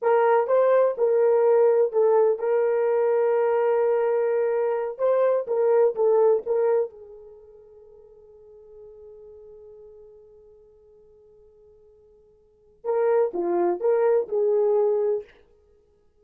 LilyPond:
\new Staff \with { instrumentName = "horn" } { \time 4/4 \tempo 4 = 126 ais'4 c''4 ais'2 | a'4 ais'2.~ | ais'2~ ais'8 c''4 ais'8~ | ais'8 a'4 ais'4 gis'4.~ |
gis'1~ | gis'1~ | gis'2. ais'4 | f'4 ais'4 gis'2 | }